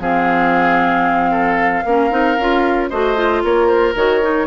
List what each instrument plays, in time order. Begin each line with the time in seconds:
0.00 bassoon F3, clarinet C4, oboe G#4, flute F5
1.31 oboe A4
1.85 bassoon A#3, clarinet C#4, oboe A#4
2.11 bassoon C4, clarinet D#4
2.38 bassoon C#4, clarinet F4
2.89 bassoon A3, clarinet F#4, oboe C5, flute D#5
3.16 clarinet F4
3.44 bassoon A#3, oboe A#4, flute C#5
3.68 flute C5
3.95 bassoon D#3, clarinet F#4, flute C#5
4.21 clarinet D#4